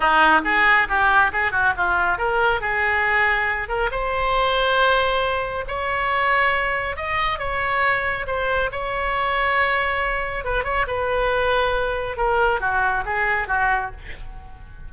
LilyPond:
\new Staff \with { instrumentName = "oboe" } { \time 4/4 \tempo 4 = 138 dis'4 gis'4 g'4 gis'8 fis'8 | f'4 ais'4 gis'2~ | gis'8 ais'8 c''2.~ | c''4 cis''2. |
dis''4 cis''2 c''4 | cis''1 | b'8 cis''8 b'2. | ais'4 fis'4 gis'4 fis'4 | }